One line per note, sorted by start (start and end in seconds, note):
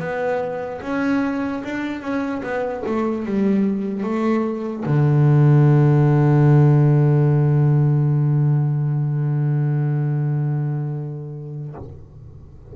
0.00 0.81 B3
0.82 1.63 C#4
1.64 2.01 D4
2.01 2.42 C#4
2.43 2.83 B3
2.86 3.26 A3
3.26 4.03 G3
4.03 4.84 A3
4.86 11.75 D3